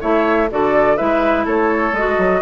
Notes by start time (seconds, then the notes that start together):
0.00 A3 E4 C#5 E5
0.50 D3 F#4 A4 D5
0.96 G#3 E4 B4 E5
1.45 A3 A4 C#5
1.92 G#3 F#4 D#5
2.18 F#3